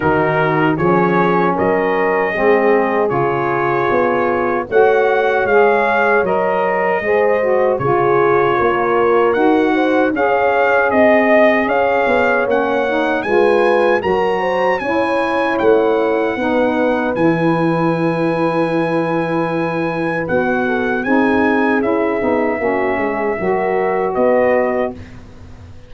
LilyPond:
<<
  \new Staff \with { instrumentName = "trumpet" } { \time 4/4 \tempo 4 = 77 ais'4 cis''4 dis''2 | cis''2 fis''4 f''4 | dis''2 cis''2 | fis''4 f''4 dis''4 f''4 |
fis''4 gis''4 ais''4 gis''4 | fis''2 gis''2~ | gis''2 fis''4 gis''4 | e''2. dis''4 | }
  \new Staff \with { instrumentName = "horn" } { \time 4/4 fis'4 gis'4 ais'4 gis'4~ | gis'2 cis''2~ | cis''4 c''4 gis'4 ais'4~ | ais'8 c''8 cis''4 dis''4 cis''4~ |
cis''4 b'4 ais'8 c''8 cis''4~ | cis''4 b'2.~ | b'2~ b'8 a'8 gis'4~ | gis'4 fis'8 gis'8 ais'4 b'4 | }
  \new Staff \with { instrumentName = "saxophone" } { \time 4/4 dis'4 cis'2 c'4 | f'2 fis'4 gis'4 | ais'4 gis'8 fis'8 f'2 | fis'4 gis'2. |
cis'8 dis'8 f'4 fis'4 e'4~ | e'4 dis'4 e'2~ | e'2 fis'4 dis'4 | e'8 dis'8 cis'4 fis'2 | }
  \new Staff \with { instrumentName = "tuba" } { \time 4/4 dis4 f4 fis4 gis4 | cis4 b4 a4 gis4 | fis4 gis4 cis4 ais4 | dis'4 cis'4 c'4 cis'8 b8 |
ais4 gis4 fis4 cis'4 | a4 b4 e2~ | e2 b4 c'4 | cis'8 b8 ais8 gis8 fis4 b4 | }
>>